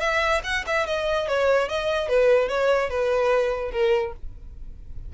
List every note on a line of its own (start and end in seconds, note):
0.00 0.41 E5
0.44 0.64 F#5
0.66 0.86 E5
0.86 1.27 D#5
1.28 1.68 C#5
1.68 2.08 D#5
2.08 2.48 B4
2.48 2.89 C#5
2.90 3.71 B4
3.71 4.12 A#4